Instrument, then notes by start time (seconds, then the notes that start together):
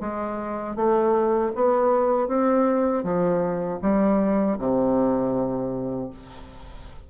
bassoon
0.00 G#3
0.76 A3
1.55 B3
2.28 C4
3.03 F3
3.82 G3
4.58 C3